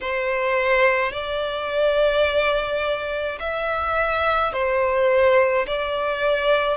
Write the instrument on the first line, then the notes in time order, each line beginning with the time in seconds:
violin
0.00 C5
1.12 D5
3.39 E5
4.52 C5
5.66 D5